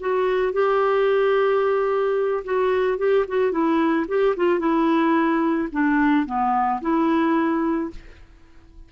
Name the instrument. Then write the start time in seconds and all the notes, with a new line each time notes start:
clarinet
0.00 F#4
0.53 G4
2.44 F#4
2.98 G4
3.28 F#4
3.51 E4
4.08 G4
4.36 F4
4.59 E4
5.72 D4
6.26 B3
6.81 E4